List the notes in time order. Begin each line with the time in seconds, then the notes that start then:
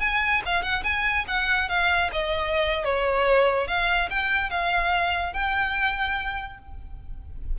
0.00 G#5
0.46 F5
0.62 F#5
0.84 G#5
1.28 F#5
1.69 F5
2.13 D#5
2.84 C#5
3.67 F5
4.10 G5
4.50 F5
5.33 G5